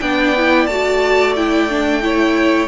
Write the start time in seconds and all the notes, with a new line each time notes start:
0.00 B3 D4 D5 G5
0.37 E4
0.67 A3 F#4 A5
1.36 E4 G5
1.69 D4
2.02 E4 C#5